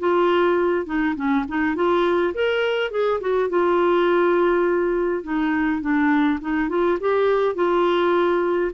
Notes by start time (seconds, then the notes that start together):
0.00 F4
0.86 D#4
1.16 C#4
1.49 D#4
1.76 F4
2.34 A#4
2.92 G#4
3.21 F#4
3.50 F4
5.24 D#4
5.81 D4
6.41 D#4
6.69 F4
7.00 G4
7.55 F4